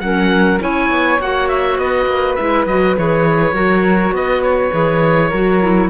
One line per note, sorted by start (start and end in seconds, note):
0.00 0.59 F#3
0.00 0.59 C#4
0.00 0.62 A#4
0.00 0.59 F#5
0.59 0.90 C#4
0.59 1.18 E4
0.59 1.78 C#5
0.59 1.21 G#5
0.90 1.20 B3
1.20 1.78 A#3
1.20 2.38 F#4
1.20 1.48 F#5
1.48 1.78 E5
1.78 2.06 B3
1.78 3.54 B4
1.78 2.35 D#5
2.06 2.35 A#3
2.35 2.66 G#3
2.35 2.67 E4
2.35 2.65 E5
2.66 2.96 F#3
2.66 2.97 F#4
2.66 2.96 D#5
2.97 3.52 E3
2.97 3.54 G#4
2.97 4.15 C#5
3.52 4.11 F#3
3.52 4.71 F#4
3.52 4.13 A#4
4.12 4.70 B3
4.12 5.29 B4
4.12 4.42 D#5
4.42 5.89 C#5
4.71 5.32 E3
4.71 5.30 G#4
5.29 5.90 F#3
5.29 5.62 F#4
5.29 5.88 A#4
5.62 5.90 E4